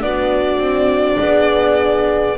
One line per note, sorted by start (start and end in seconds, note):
0.00 0.58 B3
0.00 2.35 D4
0.00 1.19 F#4
0.00 2.37 D5
0.58 1.16 C4
1.19 2.37 B3
1.19 2.37 G#4